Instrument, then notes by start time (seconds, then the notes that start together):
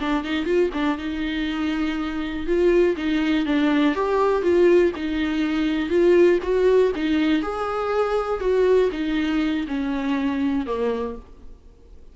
viola
0.00 D4
0.24 D#4
0.46 F4
0.74 D4
0.98 D#4
2.47 F4
2.97 D#4
3.46 D4
3.95 G4
4.42 F4
4.96 D#4
5.90 F4
6.43 F#4
6.95 D#4
7.42 G#4
8.40 F#4
8.92 D#4
9.67 C#4
10.67 A#3